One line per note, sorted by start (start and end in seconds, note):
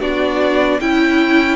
0.00 0.80 B3
0.00 0.81 D4
0.00 0.81 F#4
0.00 0.81 D5
0.81 1.57 C#4
0.81 1.57 E4
0.81 1.57 G5